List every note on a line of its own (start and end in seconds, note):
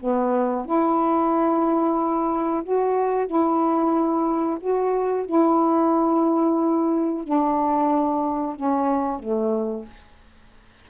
0.00 0.66 B3
0.66 2.63 E4
2.64 3.27 F#4
3.27 4.59 E4
4.61 5.26 F#4
5.26 7.24 E4
7.24 8.56 D4
8.56 9.20 C#4
9.20 9.86 A3